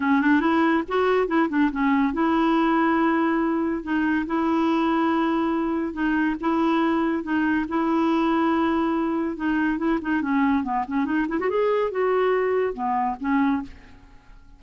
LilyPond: \new Staff \with { instrumentName = "clarinet" } { \time 4/4 \tempo 4 = 141 cis'8 d'8 e'4 fis'4 e'8 d'8 | cis'4 e'2.~ | e'4 dis'4 e'2~ | e'2 dis'4 e'4~ |
e'4 dis'4 e'2~ | e'2 dis'4 e'8 dis'8 | cis'4 b8 cis'8 dis'8 e'16 fis'16 gis'4 | fis'2 b4 cis'4 | }